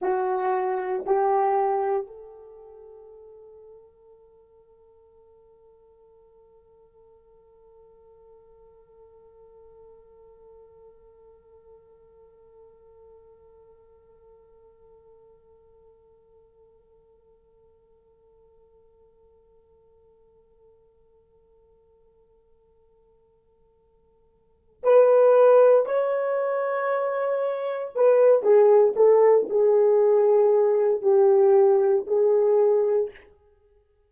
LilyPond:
\new Staff \with { instrumentName = "horn" } { \time 4/4 \tempo 4 = 58 fis'4 g'4 a'2~ | a'1~ | a'1~ | a'1~ |
a'1~ | a'1 | b'4 cis''2 b'8 gis'8 | a'8 gis'4. g'4 gis'4 | }